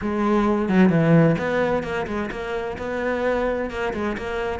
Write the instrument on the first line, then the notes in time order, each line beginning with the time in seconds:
cello
0.01 G#3
0.69 F#3
0.89 E3
1.38 B3
1.83 A#3
2.06 G#3
2.31 A#3
2.78 B3
3.70 A#3
3.93 G#3
4.17 A#3